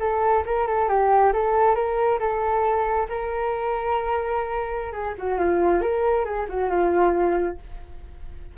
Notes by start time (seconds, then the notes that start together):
0.00 A4
0.46 A#4
0.67 A4
0.89 G4
1.33 A4
1.75 A#4
2.19 A4
3.09 A#4
4.92 G#4
5.18 F#4
5.39 F4
5.81 A#4
6.25 G#4
6.49 F#4
6.70 F4